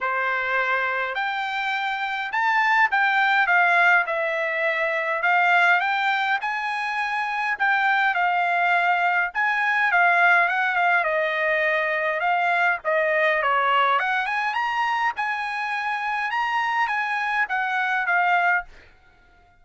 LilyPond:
\new Staff \with { instrumentName = "trumpet" } { \time 4/4 \tempo 4 = 103 c''2 g''2 | a''4 g''4 f''4 e''4~ | e''4 f''4 g''4 gis''4~ | gis''4 g''4 f''2 |
gis''4 f''4 fis''8 f''8 dis''4~ | dis''4 f''4 dis''4 cis''4 | fis''8 gis''8 ais''4 gis''2 | ais''4 gis''4 fis''4 f''4 | }